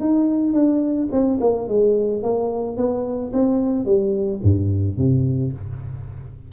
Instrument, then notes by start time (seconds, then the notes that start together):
tuba
0.00 D#4
0.54 D4
1.12 C4
1.41 A#3
1.68 G#3
2.23 A#3
2.77 B3
3.33 C4
3.85 G3
4.43 G2
4.97 C3